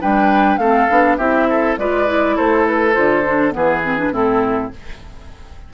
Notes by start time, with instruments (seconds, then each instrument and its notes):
0.00 bassoon G3, clarinet D4, oboe B4, flute G5
0.57 bassoon A3, clarinet C4, oboe A4, flute F5
0.89 bassoon B3, clarinet D4
1.17 bassoon C4, clarinet E4, oboe G4, flute E5
1.49 oboe A4
1.77 bassoon G#3, clarinet F4, oboe B4, flute D5
2.06 clarinet E4
2.35 bassoon A3, oboe A4, flute C5
2.67 flute B4
2.93 bassoon D3, clarinet F4, flute C5
3.25 clarinet D4
3.51 bassoon E3, clarinet B3, oboe G#4, flute B4
3.83 clarinet C4
3.97 clarinet D4
4.11 bassoon A2, clarinet C4, oboe E4, flute A4